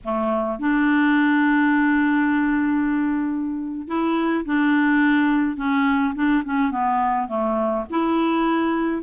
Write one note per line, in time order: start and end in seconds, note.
0.04 0.59 A3
0.59 3.87 D4
3.87 4.44 E4
4.45 5.56 D4
5.56 6.14 C#4
6.14 6.43 D4
6.44 6.71 C#4
6.71 7.28 B3
7.28 7.85 A3
7.90 9.02 E4